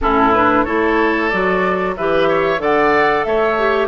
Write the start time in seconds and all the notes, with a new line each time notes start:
0.01 A2 C#4 E4 A4
0.33 D4 B4
0.64 A3 E4 A4 C#5
1.29 F#3 F#4 D5
1.96 E3 G4 B4 E5
2.29 C#5
2.58 D3 A4 D5 F#5
3.24 A3 C#5 E5
3.57 G4